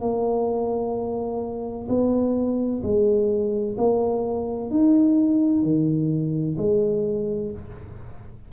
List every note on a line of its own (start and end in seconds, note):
0.00 1.87 A#3
1.88 2.82 B3
2.82 3.76 G#3
3.78 4.70 A#3
4.70 5.62 D#4
5.62 6.56 D#3
6.57 7.51 G#3